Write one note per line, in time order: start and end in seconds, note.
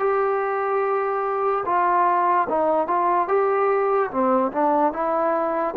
0.00 1.64 G4
1.66 2.48 F4
2.49 2.87 D#4
2.87 3.28 F4
3.28 4.11 G4
4.11 4.52 C4
4.52 4.93 D4
4.93 5.75 E4